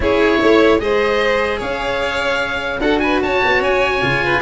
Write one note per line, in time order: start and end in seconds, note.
0.00 0.39 C#4
0.00 0.78 E4
0.00 0.40 G#4
0.00 0.79 C#5
0.40 0.79 A3
0.40 0.80 C#5
0.78 1.60 G#3
0.78 2.79 G#4
0.78 1.58 C5
0.78 1.60 D#5
1.58 2.80 C#4
1.58 2.79 C#5
1.58 2.80 F5
2.80 3.20 D4
2.80 4.02 F#4
2.80 3.01 A4
2.80 2.99 F#5
2.99 3.23 B4
2.99 3.19 G#5
3.22 3.42 C#4
3.22 4.24 C#5
3.22 3.62 A5
3.44 3.61 B3
3.61 4.01 C#4
3.61 4.42 G#5
4.02 4.42 C#3
4.02 4.42 F4
4.24 4.42 B4